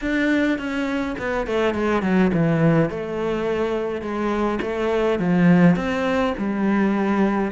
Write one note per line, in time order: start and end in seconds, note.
0.01 0.58 D4
0.58 1.16 C#4
1.18 1.46 B3
1.46 1.74 A3
1.74 2.02 G#3
2.02 2.31 F#3
2.33 2.90 E3
2.90 4.01 A3
4.01 4.59 G#3
4.61 5.19 A3
5.19 5.76 F3
5.76 6.33 C4
6.37 7.52 G3